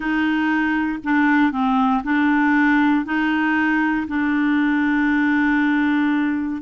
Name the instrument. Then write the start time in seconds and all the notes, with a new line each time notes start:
clarinet
0.00 D#4
1.04 D4
1.51 C4
2.03 D4
3.05 D#4
4.07 D4